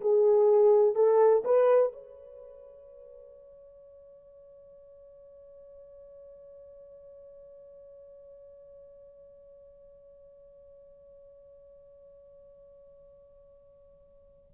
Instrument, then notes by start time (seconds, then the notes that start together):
horn
0.00 G#4
0.95 A4
1.44 B4
1.92 C#5